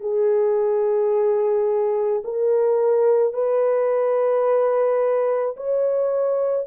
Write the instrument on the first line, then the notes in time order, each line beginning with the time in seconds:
horn
0.00 G#4
2.24 A#4
3.33 B4
5.56 C#5